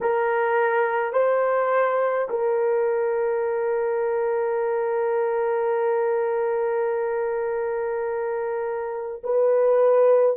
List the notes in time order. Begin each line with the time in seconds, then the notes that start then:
0.01 A#4
1.13 C5
2.29 A#4
9.23 B4